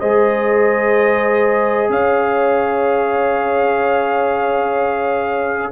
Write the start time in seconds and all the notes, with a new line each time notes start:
0.00 G#3 G#4 C5 D#5
1.90 C#4 C#5 F5